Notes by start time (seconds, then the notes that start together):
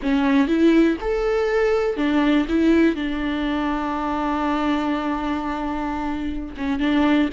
0.02 C#4
0.47 E4
1.01 A4
1.96 D4
2.48 E4
2.95 D4
6.57 C#4
6.79 D4